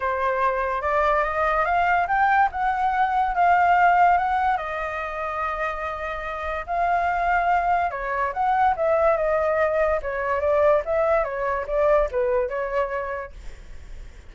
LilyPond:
\new Staff \with { instrumentName = "flute" } { \time 4/4 \tempo 4 = 144 c''2 d''4 dis''4 | f''4 g''4 fis''2 | f''2 fis''4 dis''4~ | dis''1 |
f''2. cis''4 | fis''4 e''4 dis''2 | cis''4 d''4 e''4 cis''4 | d''4 b'4 cis''2 | }